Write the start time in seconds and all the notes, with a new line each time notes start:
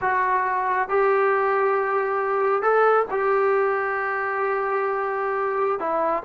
0.01 F#4
0.88 G4
2.62 A4
3.11 G4
5.79 E4